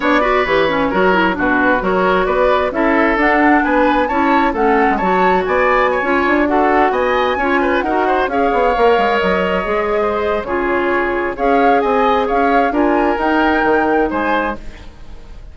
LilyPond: <<
  \new Staff \with { instrumentName = "flute" } { \time 4/4 \tempo 4 = 132 d''4 cis''2 b'4 | cis''4 d''4 e''4 fis''4 | gis''4 a''4 fis''4 a''4 | gis''2~ gis''16 fis''4 gis''8.~ |
gis''4~ gis''16 fis''4 f''4.~ f''16~ | f''16 dis''2~ dis''8. cis''4~ | cis''4 f''4 gis''4 f''4 | gis''4 g''2 gis''4 | }
  \new Staff \with { instrumentName = "oboe" } { \time 4/4 cis''8 b'4. ais'4 fis'4 | ais'4 b'4 a'2 | b'4 cis''4 a'4 cis''4 | d''4 cis''4~ cis''16 a'4 dis''8.~ |
dis''16 cis''8 b'8 ais'8 c''8 cis''4.~ cis''16~ | cis''2 c''4 gis'4~ | gis'4 cis''4 dis''4 cis''4 | ais'2. c''4 | }
  \new Staff \with { instrumentName = "clarinet" } { \time 4/4 d'8 fis'8 g'8 cis'8 fis'8 e'8 d'4 | fis'2 e'4 d'4~ | d'4 e'4 cis'4 fis'4~ | fis'4~ fis'16 f'4 fis'4.~ fis'16~ |
fis'16 f'4 fis'4 gis'4 ais'8.~ | ais'4~ ais'16 gis'4.~ gis'16 f'4~ | f'4 gis'2. | f'4 dis'2. | }
  \new Staff \with { instrumentName = "bassoon" } { \time 4/4 b4 e4 fis4 b,4 | fis4 b4 cis'4 d'4 | b4 cis'4 a8. gis16 fis4 | b4~ b16 cis'8 d'4. b8.~ |
b16 cis'4 dis'4 cis'8 b8 ais8 gis16~ | gis16 fis4 gis4.~ gis16 cis4~ | cis4 cis'4 c'4 cis'4 | d'4 dis'4 dis4 gis4 | }
>>